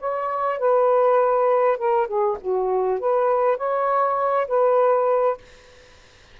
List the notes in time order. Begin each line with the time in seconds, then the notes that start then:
0.00 C#5
0.59 B4
1.78 A#4
2.07 G#4
2.41 F#4
3.00 B4
3.58 C#5
4.48 B4